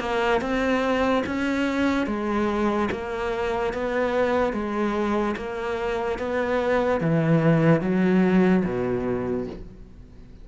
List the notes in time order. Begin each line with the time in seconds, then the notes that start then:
0.00 A#3
0.41 C4
1.27 C#4
2.07 G#3
2.92 A#3
3.74 B3
4.53 G#3
5.37 A#3
6.19 B3
7.01 E3
7.81 F#3
8.65 B2